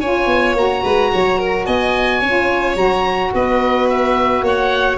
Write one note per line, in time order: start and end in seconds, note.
0.00 0.27 C#4
0.00 0.56 F4
0.00 0.83 C#5
0.00 0.56 G#5
0.27 0.54 B3
0.54 0.82 A#3
0.54 2.23 F#4
0.54 1.66 A#5
0.84 1.12 G#3
0.84 1.11 B4
1.13 1.67 F#3
1.13 1.39 C#5
1.39 1.66 A#4
1.66 2.23 B3
1.66 2.20 D#5
1.66 2.77 G#5
2.20 2.76 C#4
2.20 2.77 F4
2.20 3.31 C#5
2.76 3.31 F#3
2.76 4.98 F#4
2.76 3.33 A#5
3.34 4.42 B3
3.34 4.44 B4
3.34 3.89 D#5
3.89 4.45 E5
4.42 4.97 A#3
4.42 4.98 C#5
4.48 4.98 F#5